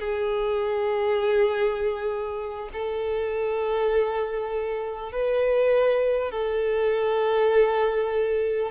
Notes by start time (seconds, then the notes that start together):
0.00 G#4
2.73 A4
5.12 B4
6.32 A4